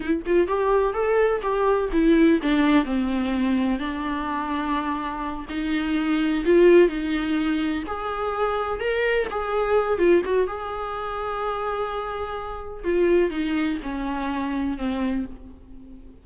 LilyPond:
\new Staff \with { instrumentName = "viola" } { \time 4/4 \tempo 4 = 126 e'8 f'8 g'4 a'4 g'4 | e'4 d'4 c'2 | d'2.~ d'8 dis'8~ | dis'4. f'4 dis'4.~ |
dis'8 gis'2 ais'4 gis'8~ | gis'4 f'8 fis'8 gis'2~ | gis'2. f'4 | dis'4 cis'2 c'4 | }